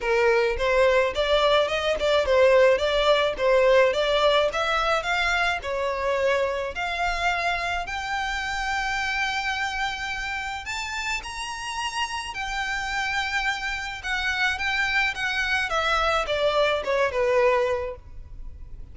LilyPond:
\new Staff \with { instrumentName = "violin" } { \time 4/4 \tempo 4 = 107 ais'4 c''4 d''4 dis''8 d''8 | c''4 d''4 c''4 d''4 | e''4 f''4 cis''2 | f''2 g''2~ |
g''2. a''4 | ais''2 g''2~ | g''4 fis''4 g''4 fis''4 | e''4 d''4 cis''8 b'4. | }